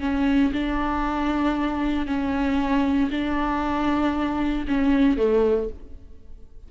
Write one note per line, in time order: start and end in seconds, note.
0.00 0.52 C#4
0.53 2.06 D4
2.06 3.10 C#4
3.11 4.66 D4
4.67 5.17 C#4
5.17 5.69 A3